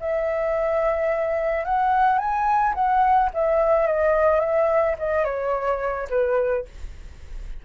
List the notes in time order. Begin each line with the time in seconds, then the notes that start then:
0.00 E5
1.65 F#5
2.18 G#5
2.74 F#5
3.34 E5
3.87 D#5
4.40 E5
4.99 D#5
5.25 C#5
6.10 B4